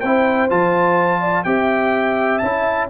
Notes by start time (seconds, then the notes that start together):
0.00 C4 E4 C5 G5
0.49 F3 F4 A5
1.20 D5
1.43 C4 G4 E5 G5
2.38 C#4 A5
2.45 E4